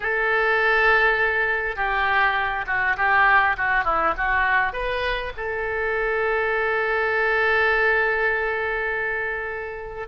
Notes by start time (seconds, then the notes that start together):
0.00 A4
1.76 G4
2.66 F#4
2.96 G4
3.57 F#4
3.84 E4
4.17 F#4
4.73 B4
5.37 A4